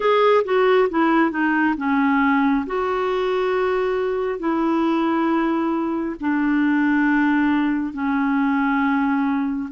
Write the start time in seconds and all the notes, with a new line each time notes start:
0.00 G#4
0.44 F#4
0.89 E4
1.30 D#4
1.77 C#4
2.66 F#4
4.39 E4
6.20 D4
7.93 C#4